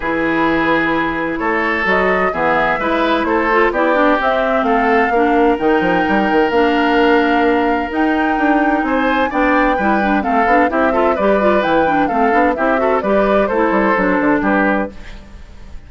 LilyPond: <<
  \new Staff \with { instrumentName = "flute" } { \time 4/4 \tempo 4 = 129 b'2. cis''4 | dis''4 e''2 c''4 | d''4 e''4 f''2 | g''2 f''2~ |
f''4 g''2 gis''4 | g''2 f''4 e''4 | d''4 g''4 f''4 e''4 | d''4 c''2 b'4 | }
  \new Staff \with { instrumentName = "oboe" } { \time 4/4 gis'2. a'4~ | a'4 gis'4 b'4 a'4 | g'2 a'4 ais'4~ | ais'1~ |
ais'2. c''4 | d''4 b'4 a'4 g'8 a'8 | b'2 a'4 g'8 a'8 | b'4 a'2 g'4 | }
  \new Staff \with { instrumentName = "clarinet" } { \time 4/4 e'1 | fis'4 b4 e'4. f'8 | e'8 d'8 c'2 d'4 | dis'2 d'2~ |
d'4 dis'2. | d'4 e'8 d'8 c'8 d'8 e'8 f'8 | g'8 f'8 e'8 d'8 c'8 d'8 e'8 fis'8 | g'4 e'4 d'2 | }
  \new Staff \with { instrumentName = "bassoon" } { \time 4/4 e2. a4 | fis4 e4 gis4 a4 | b4 c'4 a4 ais4 | dis8 f8 g8 dis8 ais2~ |
ais4 dis'4 d'4 c'4 | b4 g4 a8 b8 c'4 | g4 e4 a8 b8 c'4 | g4 a8 g8 fis8 d8 g4 | }
>>